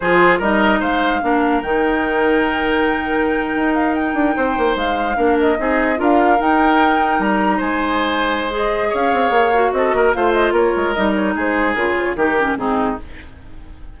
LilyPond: <<
  \new Staff \with { instrumentName = "flute" } { \time 4/4 \tempo 4 = 148 c''4 dis''4 f''2 | g''1~ | g''4~ g''16 f''8 g''2 f''16~ | f''4~ f''16 dis''4. f''4 g''16~ |
g''4.~ g''16 ais''4 gis''4~ gis''16~ | gis''4 dis''4 f''2 | dis''4 f''8 dis''8 cis''4 dis''8 cis''8 | c''4 ais'8 c''16 cis''16 ais'4 gis'4 | }
  \new Staff \with { instrumentName = "oboe" } { \time 4/4 gis'4 ais'4 c''4 ais'4~ | ais'1~ | ais'2~ ais'8. c''4~ c''16~ | c''8. ais'4 gis'4 ais'4~ ais'16~ |
ais'2~ ais'8. c''4~ c''16~ | c''2 cis''2 | a'8 ais'8 c''4 ais'2 | gis'2 g'4 dis'4 | }
  \new Staff \with { instrumentName = "clarinet" } { \time 4/4 f'4 dis'2 d'4 | dis'1~ | dis'1~ | dis'8. d'4 dis'4 f'4 dis'16~ |
dis'1~ | dis'4 gis'2~ gis'8 fis'8~ | fis'4 f'2 dis'4~ | dis'4 f'4 dis'8 cis'8 c'4 | }
  \new Staff \with { instrumentName = "bassoon" } { \time 4/4 f4 g4 gis4 ais4 | dis1~ | dis8. dis'4. d'8 c'8 ais8 gis16~ | gis8. ais4 c'4 d'4 dis'16~ |
dis'4.~ dis'16 g4 gis4~ gis16~ | gis2 cis'8 c'8 ais4 | c'8 ais8 a4 ais8 gis8 g4 | gis4 cis4 dis4 gis,4 | }
>>